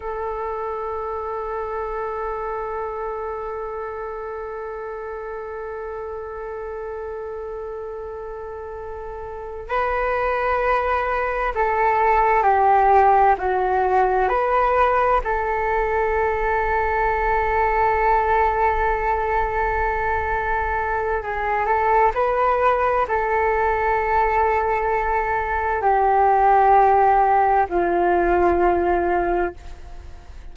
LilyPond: \new Staff \with { instrumentName = "flute" } { \time 4/4 \tempo 4 = 65 a'1~ | a'1~ | a'2~ a'8 b'4.~ | b'8 a'4 g'4 fis'4 b'8~ |
b'8 a'2.~ a'8~ | a'2. gis'8 a'8 | b'4 a'2. | g'2 f'2 | }